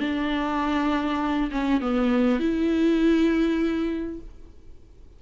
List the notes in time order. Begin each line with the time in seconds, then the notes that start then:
0.00 D4
1.51 C#4
1.81 B3
2.39 E4